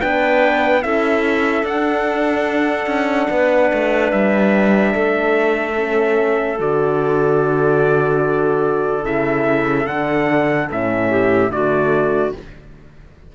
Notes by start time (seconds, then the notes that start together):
0.00 B3 D4 B4 G5
0.82 C#4 E4 A4 E5
1.64 D4 F#5
2.86 C#4
3.30 B3 B4
3.73 A3
4.12 G3 E5
4.93 A3 A4
5.77 C#4
6.59 D3 F#4 D5
9.03 C#3 E4 E5
9.87 D3 D4 F#5
10.70 A2 C#4 E5
11.10 G4
11.51 D3 A3 F#4 D5